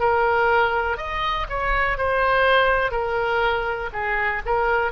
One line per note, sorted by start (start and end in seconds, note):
0.00 0.97 A#4
0.97 1.47 D#5
1.49 1.98 C#5
1.98 2.92 C5
2.92 3.90 A#4
3.93 4.42 G#4
4.46 4.92 A#4